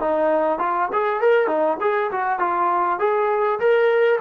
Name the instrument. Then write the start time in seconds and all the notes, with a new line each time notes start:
trombone
0.00 D#4
0.59 F4
0.93 G#4
1.21 A#4
1.47 D#4
1.81 G#4
2.12 F#4
2.39 F4
2.99 G#4
3.60 A#4